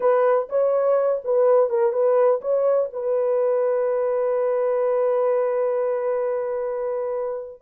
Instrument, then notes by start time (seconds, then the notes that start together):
horn
0.00 B4
0.49 C#5
1.24 B4
1.69 A#4
1.92 B4
2.41 C#5
2.93 B4